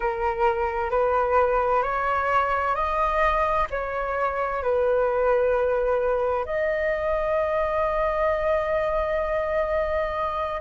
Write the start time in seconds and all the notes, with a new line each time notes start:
0.00 A#4
0.90 B4
1.83 C#5
2.74 D#5
3.70 C#5
4.62 B4
6.45 D#5